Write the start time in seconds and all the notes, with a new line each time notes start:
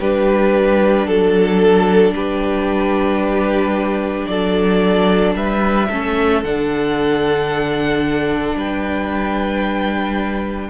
0.00 G3 D4 G4 B4
1.07 F#3 A4
2.12 G3 G4 B4
4.27 F#3 A4 D5
5.35 G3 B4 E5
5.89 A3 C#4 A4
6.44 D3 D4 F#5
8.55 G3 B4 G5